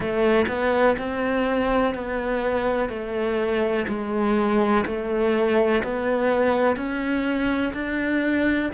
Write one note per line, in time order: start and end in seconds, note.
0.00 0.46 A3
0.48 0.96 B3
0.98 1.94 C4
1.94 2.89 B3
2.89 3.86 A3
3.88 4.84 G#3
4.86 5.82 A3
5.83 6.76 B3
6.76 7.72 C#4
7.73 8.70 D4